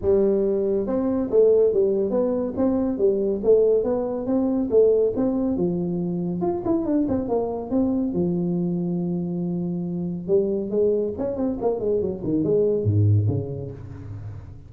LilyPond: \new Staff \with { instrumentName = "tuba" } { \time 4/4 \tempo 4 = 140 g2 c'4 a4 | g4 b4 c'4 g4 | a4 b4 c'4 a4 | c'4 f2 f'8 e'8 |
d'8 c'8 ais4 c'4 f4~ | f1 | g4 gis4 cis'8 c'8 ais8 gis8 | fis8 dis8 gis4 gis,4 cis4 | }